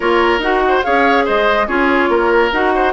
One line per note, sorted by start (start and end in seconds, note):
0.00 0.38 A#3
0.00 0.40 F4
0.00 0.63 A#4
0.00 0.41 C#5
0.38 0.80 D#4
0.38 0.83 F#4
0.38 0.83 F#5
0.68 0.85 C5
0.83 1.28 C#4
0.83 1.67 G#4
0.83 1.24 C#5
0.83 1.25 F5
1.24 1.68 G#3
1.24 1.66 C5
1.24 1.67 D#5
1.67 2.09 C#4
1.67 2.51 F4
1.67 2.09 G#4
1.67 2.51 C#5
2.09 2.51 A#3
2.09 2.73 A#4
2.52 2.92 D#4
2.52 2.92 F#4
2.52 2.92 F#5
2.74 2.92 C5